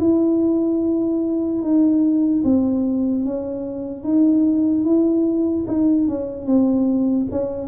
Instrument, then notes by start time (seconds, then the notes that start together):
tuba
0.00 E4
1.62 D#4
2.44 C4
3.25 C#4
4.04 D#4
4.85 E4
5.68 D#4
6.08 C#4
6.46 C4
7.32 C#4